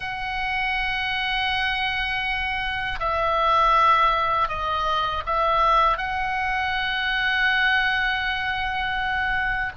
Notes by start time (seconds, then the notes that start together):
0.00 F#5
2.99 E5
4.48 D#5
5.26 E5
5.97 F#5